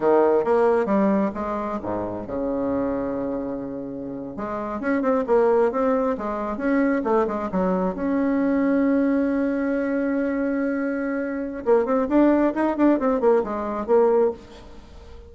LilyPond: \new Staff \with { instrumentName = "bassoon" } { \time 4/4 \tempo 4 = 134 dis4 ais4 g4 gis4 | gis,4 cis2.~ | cis4.~ cis16 gis4 cis'8 c'8 ais16~ | ais8. c'4 gis4 cis'4 a16~ |
a16 gis8 fis4 cis'2~ cis'16~ | cis'1~ | cis'2 ais8 c'8 d'4 | dis'8 d'8 c'8 ais8 gis4 ais4 | }